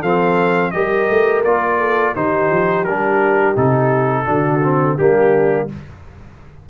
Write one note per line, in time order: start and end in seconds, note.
0.00 0.73 F3
0.00 0.73 C4
0.00 0.71 A4
0.00 0.71 F5
0.71 1.09 G3
0.71 1.44 G4
0.71 1.78 A#4
0.71 1.41 D#5
1.09 1.44 A3
1.44 2.15 A#3
1.44 2.15 F4
1.44 2.15 D5
1.78 2.14 A4
2.14 2.50 D#3
2.14 2.86 D#4
2.14 4.26 G4
2.14 2.84 C5
2.50 2.84 F3
2.84 3.54 G3
2.84 3.55 D4
2.84 3.55 A#4
3.55 4.27 C3
3.55 4.25 D#4
3.55 4.98 A4
4.25 4.98 D3
4.25 4.61 D4
4.25 4.96 F#4
4.63 4.98 C4
4.98 5.69 G3
4.98 5.69 A#3
4.98 5.69 D4
4.98 5.68 G4